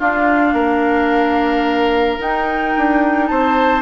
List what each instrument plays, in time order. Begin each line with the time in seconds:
0.00 clarinet D4, bassoon D4, oboe F4, flute F5
0.54 bassoon A#3, oboe A#4
2.19 clarinet D#4, bassoon D#4, flute G5
2.77 bassoon D4
3.28 bassoon C4, oboe C5, flute A5